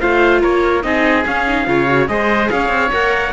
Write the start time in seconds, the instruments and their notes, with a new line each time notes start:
0.00 cello A3, viola F4, oboe C5, trumpet F5
0.41 cello A#3, oboe A#4, trumpet C#5
0.83 cello C4, viola D#4, oboe G#4, trumpet D#5
1.26 viola C#4, cello C#4, trumpet F5
1.47 viola D#4
1.67 cello C#3, viola F4, oboe C#5
1.87 viola F#4
2.08 cello G#3, viola G#4, oboe C5, trumpet D#5
2.50 cello C#4, oboe C#5, trumpet F5
2.69 cello C4
2.92 cello A#3, viola A#4, trumpet F#5